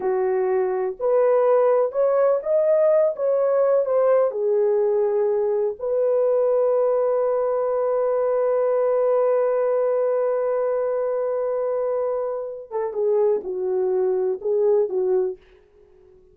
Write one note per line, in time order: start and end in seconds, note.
0.00 0.96 F#4
0.99 1.92 B4
1.92 2.40 C#5
2.42 3.14 D#5
3.15 3.85 C#5
3.85 4.31 C5
4.31 5.75 G#4
5.79 12.71 B4
12.71 12.93 A4
12.93 13.41 G#4
13.43 14.39 F#4
14.41 14.89 G#4
14.89 15.37 F#4